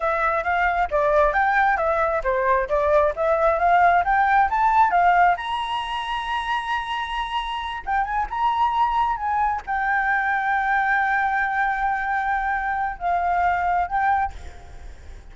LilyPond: \new Staff \with { instrumentName = "flute" } { \time 4/4 \tempo 4 = 134 e''4 f''4 d''4 g''4 | e''4 c''4 d''4 e''4 | f''4 g''4 a''4 f''4 | ais''1~ |
ais''4. g''8 gis''8 ais''4.~ | ais''8 gis''4 g''2~ g''8~ | g''1~ | g''4 f''2 g''4 | }